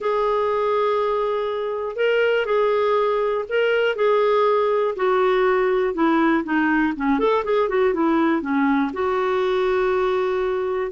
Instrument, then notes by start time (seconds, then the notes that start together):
clarinet
0.00 G#4
1.96 A#4
2.45 G#4
3.48 A#4
3.95 G#4
4.96 F#4
5.94 E4
6.43 D#4
6.96 C#4
7.19 A4
7.44 G#4
7.68 F#4
7.93 E4
8.41 C#4
8.93 F#4